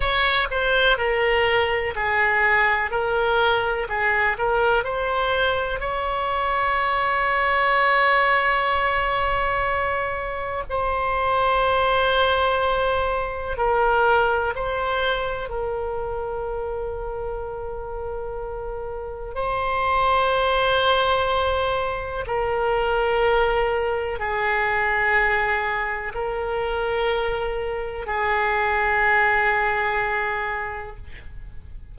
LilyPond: \new Staff \with { instrumentName = "oboe" } { \time 4/4 \tempo 4 = 62 cis''8 c''8 ais'4 gis'4 ais'4 | gis'8 ais'8 c''4 cis''2~ | cis''2. c''4~ | c''2 ais'4 c''4 |
ais'1 | c''2. ais'4~ | ais'4 gis'2 ais'4~ | ais'4 gis'2. | }